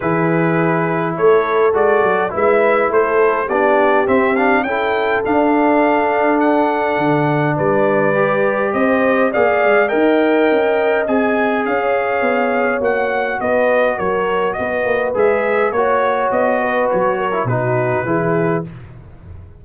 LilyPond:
<<
  \new Staff \with { instrumentName = "trumpet" } { \time 4/4 \tempo 4 = 103 b'2 cis''4 d''4 | e''4 c''4 d''4 e''8 f''8 | g''4 f''2 fis''4~ | fis''4 d''2 dis''4 |
f''4 g''2 gis''4 | f''2 fis''4 dis''4 | cis''4 dis''4 e''4 cis''4 | dis''4 cis''4 b'2 | }
  \new Staff \with { instrumentName = "horn" } { \time 4/4 gis'2 a'2 | b'4 a'4 g'2 | a'1~ | a'4 b'2 c''4 |
d''4 dis''2. | cis''2. b'4 | ais'4 b'2 cis''4~ | cis''8 b'4 ais'8 fis'4 gis'4 | }
  \new Staff \with { instrumentName = "trombone" } { \time 4/4 e'2. fis'4 | e'2 d'4 c'8 d'8 | e'4 d'2.~ | d'2 g'2 |
gis'4 ais'2 gis'4~ | gis'2 fis'2~ | fis'2 gis'4 fis'4~ | fis'4.~ fis'16 e'16 dis'4 e'4 | }
  \new Staff \with { instrumentName = "tuba" } { \time 4/4 e2 a4 gis8 fis8 | gis4 a4 b4 c'4 | cis'4 d'2. | d4 g2 c'4 |
ais8 gis8 dis'4 cis'4 c'4 | cis'4 b4 ais4 b4 | fis4 b8 ais8 gis4 ais4 | b4 fis4 b,4 e4 | }
>>